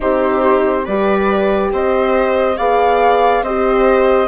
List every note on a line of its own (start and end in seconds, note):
0.00 0.87 C4
0.00 0.84 D#4
0.00 0.84 G4
0.00 0.86 C5
0.84 1.72 G3
0.84 2.57 G4
0.84 1.70 B4
0.84 1.71 D5
1.72 2.57 C4
1.72 2.57 C5
1.72 2.57 D#5
2.57 3.42 B3
2.57 3.43 G#4
2.57 3.42 D5
2.57 3.43 F5
3.42 4.27 C4
3.42 4.27 G4
3.42 4.27 C5
3.42 4.27 D#5